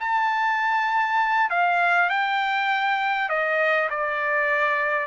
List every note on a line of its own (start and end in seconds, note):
0.00 1.50 A5
1.50 2.10 F5
2.10 3.29 G5
3.29 3.89 D#5
3.90 5.07 D5